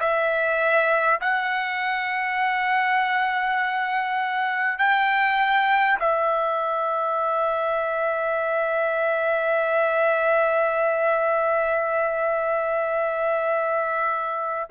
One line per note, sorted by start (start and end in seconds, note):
0.00 1.20 E5
1.21 4.78 F#5
4.78 5.98 G5
5.99 14.69 E5